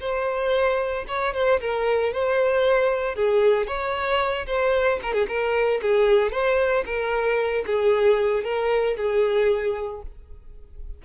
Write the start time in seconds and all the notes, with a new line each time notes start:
0.00 C5
1.08 C#5
1.34 C5
1.60 A#4
2.13 C5
3.15 G#4
3.67 C#5
4.46 C5
5.02 A#4
5.13 G#4
5.28 A#4
5.82 G#4
6.32 C5
6.86 A#4
7.66 G#4
8.44 A#4
8.96 G#4